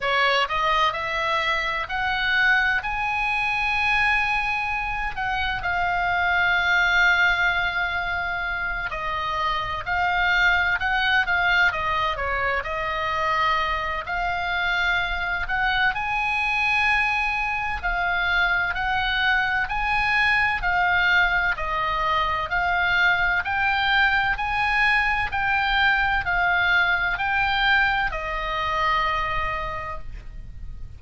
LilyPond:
\new Staff \with { instrumentName = "oboe" } { \time 4/4 \tempo 4 = 64 cis''8 dis''8 e''4 fis''4 gis''4~ | gis''4. fis''8 f''2~ | f''4. dis''4 f''4 fis''8 | f''8 dis''8 cis''8 dis''4. f''4~ |
f''8 fis''8 gis''2 f''4 | fis''4 gis''4 f''4 dis''4 | f''4 g''4 gis''4 g''4 | f''4 g''4 dis''2 | }